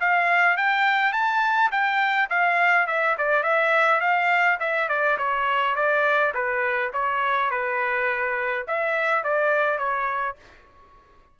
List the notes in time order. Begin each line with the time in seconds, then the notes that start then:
0.00 F5
0.57 G5
1.12 A5
1.71 G5
2.29 F5
2.87 E5
3.18 D5
3.43 E5
4.00 F5
4.59 E5
4.88 D5
5.17 C#5
5.75 D5
6.34 B4
6.93 C#5
7.50 B4
8.67 E5
9.23 D5
9.78 C#5